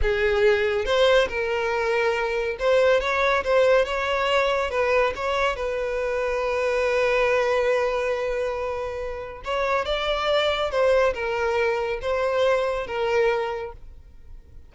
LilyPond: \new Staff \with { instrumentName = "violin" } { \time 4/4 \tempo 4 = 140 gis'2 c''4 ais'4~ | ais'2 c''4 cis''4 | c''4 cis''2 b'4 | cis''4 b'2.~ |
b'1~ | b'2 cis''4 d''4~ | d''4 c''4 ais'2 | c''2 ais'2 | }